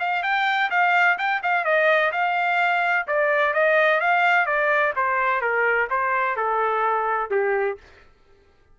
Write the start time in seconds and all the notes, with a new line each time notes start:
0.00 F5
0.23 G5
0.71 F5
1.18 G5
1.43 F5
1.64 D#5
2.12 F5
3.08 D5
3.54 D#5
4.01 F5
4.46 D5
4.96 C5
5.41 A#4
5.90 C5
6.37 A4
7.31 G4